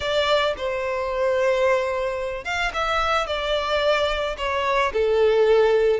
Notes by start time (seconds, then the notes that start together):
0.00 D5
0.57 C5
2.44 F5
2.73 E5
3.27 D5
4.37 C#5
4.93 A4